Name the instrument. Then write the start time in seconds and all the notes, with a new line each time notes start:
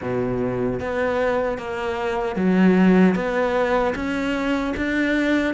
cello
0.01 B2
0.80 B3
1.58 A#3
2.36 F#3
3.15 B3
3.95 C#4
4.76 D4